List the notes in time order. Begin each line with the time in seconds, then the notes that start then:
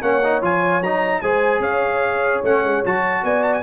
0.00 A#3 C#4 C#5 F#5
0.23 D#4
0.41 F3 F4 G#5
0.81 F#3 D#4 A#5
1.21 G#3 G#4 C5 G#5
1.59 C#4 C#5 F5
2.43 A3 C#4 F#5
2.63 G#3
2.85 F#3 F#4 A5
3.23 B3 D5 G#5
3.43 A5
3.53 G#5